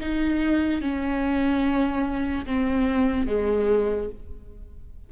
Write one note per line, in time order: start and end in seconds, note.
0.00 0.81 D#4
0.81 2.45 C#4
2.46 3.27 C4
3.27 4.09 G#3